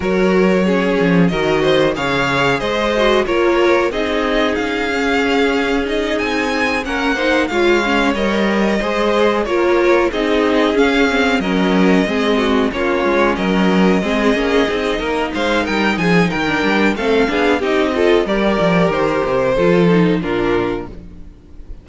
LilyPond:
<<
  \new Staff \with { instrumentName = "violin" } { \time 4/4 \tempo 4 = 92 cis''2 dis''4 f''4 | dis''4 cis''4 dis''4 f''4~ | f''4 dis''8 gis''4 fis''4 f''8~ | f''8 dis''2 cis''4 dis''8~ |
dis''8 f''4 dis''2 cis''8~ | cis''8 dis''2. f''8 | g''8 gis''8 g''4 f''4 dis''4 | d''4 c''2 ais'4 | }
  \new Staff \with { instrumentName = "violin" } { \time 4/4 ais'4 gis'4 ais'8 c''8 cis''4 | c''4 ais'4 gis'2~ | gis'2~ gis'8 ais'8 c''8 cis''8~ | cis''4. c''4 ais'4 gis'8~ |
gis'4. ais'4 gis'8 fis'8 f'8~ | f'8 ais'4 gis'4. ais'8 c''8 | ais'8 gis'8 ais'4 a'8 gis'8 g'8 a'8 | ais'2 a'4 f'4 | }
  \new Staff \with { instrumentName = "viola" } { \time 4/4 fis'4 cis'4 fis'4 gis'4~ | gis'8 fis'8 f'4 dis'4. cis'8~ | cis'4 dis'4. cis'8 dis'8 f'8 | cis'8 ais'4 gis'4 f'4 dis'8~ |
dis'8 cis'8 c'8 cis'4 c'4 cis'8~ | cis'4. c'8 cis'8 dis'4.~ | dis'4~ dis'16 d'8. c'8 d'8 dis'8 f'8 | g'2 f'8 dis'8 d'4 | }
  \new Staff \with { instrumentName = "cello" } { \time 4/4 fis4. f8 dis4 cis4 | gis4 ais4 c'4 cis'4~ | cis'4. c'4 ais4 gis8~ | gis8 g4 gis4 ais4 c'8~ |
c'8 cis'4 fis4 gis4 ais8 | gis8 fis4 gis8 ais8 c'8 ais8 gis8 | g8 f8 dis8 g8 a8 b8 c'4 | g8 f8 dis8 c8 f4 ais,4 | }
>>